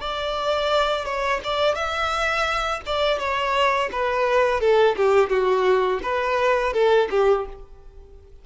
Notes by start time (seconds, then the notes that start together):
0.00 D5
1.05 C#5
1.44 D5
1.75 E5
2.86 D5
3.19 C#5
3.91 B4
4.60 A4
4.96 G4
5.29 F#4
6.02 B4
6.73 A4
7.10 G4